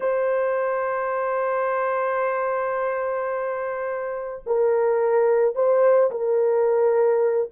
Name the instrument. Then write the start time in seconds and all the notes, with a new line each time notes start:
horn
0.00 C5
4.46 A#4
5.55 C5
6.11 A#4